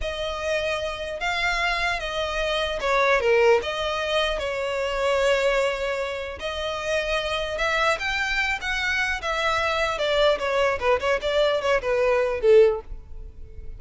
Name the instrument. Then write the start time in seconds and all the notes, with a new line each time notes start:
violin
0.01 D#5
1.19 F5
1.99 D#5
2.80 C#5
3.20 A#4
3.62 D#5
4.38 C#5
6.39 D#5
7.57 E5
7.99 G5
8.61 F#5
9.21 E5
9.98 D5
10.39 C#5
10.79 B4
10.99 C#5
11.21 D5
11.61 C#5
11.81 B4
12.41 A4